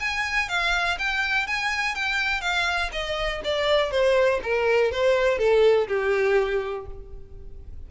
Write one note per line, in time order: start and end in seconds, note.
0.00 0.49 G#5
0.49 0.98 F5
0.98 1.47 G5
1.47 1.95 G#5
1.95 2.41 G5
2.41 2.90 F5
2.92 3.41 D#5
3.44 3.91 D5
3.91 4.40 C5
4.43 4.92 A#4
4.92 5.38 C5
5.38 5.87 A4
5.88 6.86 G4